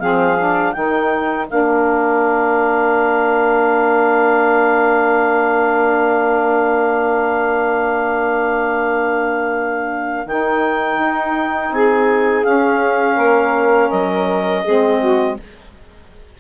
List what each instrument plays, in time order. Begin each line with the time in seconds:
0.00 bassoon F3, saxophone C4 G#4, clarinet F5
0.38 saxophone D4
0.73 bassoon D#3, saxophone D#4 A#4, clarinet G5
1.48 bassoon A#3, saxophone D4, clarinet F5
10.26 bassoon D#3, saxophone D#4, clarinet G5
10.99 bassoon D#4
11.71 bassoon C4, saxophone G#4, clarinet G#5
12.44 saxophone C#4, bassoon C#4, clarinet F5
13.16 bassoon A#3, saxophone A#4
13.90 bassoon F#3, clarinet D#5
14.64 bassoon G#3, saxophone C4 G#4
15.00 saxophone F#4